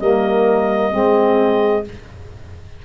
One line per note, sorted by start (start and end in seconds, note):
0.00 0.93 G3
0.00 0.91 A#3
0.00 0.93 A#4
0.00 1.85 D#5
0.91 1.85 G#3
0.91 1.84 C4
0.91 1.85 G#4